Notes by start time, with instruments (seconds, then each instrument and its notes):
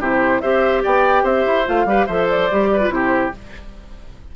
0.00 bassoon C3, clarinet E4, oboe G4, flute C5
0.41 bassoon C4, clarinet G4, oboe C5, flute E5
0.83 bassoon B3, oboe D5, flute G5
1.23 bassoon C4, oboe C5, flute E5
1.47 bassoon E4
1.66 bassoon A3, clarinet F4, flute F5
1.85 bassoon G3, clarinet G4, oboe B4
2.06 bassoon F3, clarinet A4, oboe C5, flute E5
2.29 flute D5
2.51 bassoon G3, clarinet G4
2.73 oboe B4
2.81 clarinet F4
2.89 bassoon C3, clarinet E4, oboe G4, flute C5